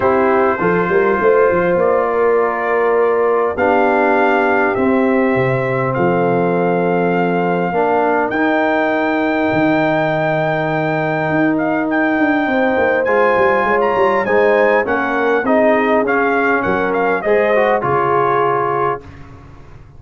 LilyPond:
<<
  \new Staff \with { instrumentName = "trumpet" } { \time 4/4 \tempo 4 = 101 c''2. d''4~ | d''2 f''2 | e''2 f''2~ | f''2 g''2~ |
g''2.~ g''8 f''8 | g''2 gis''4~ gis''16 ais''8. | gis''4 fis''4 dis''4 f''4 | fis''8 f''8 dis''4 cis''2 | }
  \new Staff \with { instrumentName = "horn" } { \time 4/4 g'4 a'8 ais'8 c''4. ais'8~ | ais'2 g'2~ | g'2 a'2~ | a'4 ais'2.~ |
ais'1~ | ais'4 c''2 cis''4 | c''4 ais'4 gis'2 | ais'4 c''4 gis'2 | }
  \new Staff \with { instrumentName = "trombone" } { \time 4/4 e'4 f'2.~ | f'2 d'2 | c'1~ | c'4 d'4 dis'2~ |
dis'1~ | dis'2 f'2 | dis'4 cis'4 dis'4 cis'4~ | cis'4 gis'8 fis'8 f'2 | }
  \new Staff \with { instrumentName = "tuba" } { \time 4/4 c'4 f8 g8 a8 f8 ais4~ | ais2 b2 | c'4 c4 f2~ | f4 ais4 dis'2 |
dis2. dis'4~ | dis'8 d'8 c'8 ais8 gis8 g8 gis8 g8 | gis4 ais4 c'4 cis'4 | fis4 gis4 cis2 | }
>>